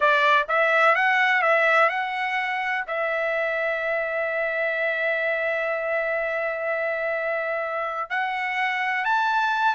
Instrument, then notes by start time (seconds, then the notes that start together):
trumpet
0.00 D5
0.48 E5
0.95 F#5
1.42 E5
1.89 F#5
2.87 E5
8.10 F#5
9.05 A5